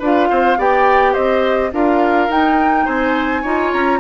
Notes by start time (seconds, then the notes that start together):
0.00 D4 F4 B4 F5
0.30 C4 C5
0.58 B3 G4 D5 G5
1.13 C4 C5 D#5
1.73 D4 F4 A#4 F5
2.29 D#4 G5
2.85 C4 C5 G#5
3.42 D#4 F4 C#5
3.73 C#4 A#5